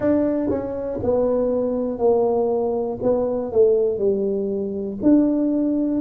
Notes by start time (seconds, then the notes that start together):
0.00 D4
0.49 C#4
1.02 B3
1.98 A#3
3.02 B3
3.51 A3
3.98 G3
5.02 D4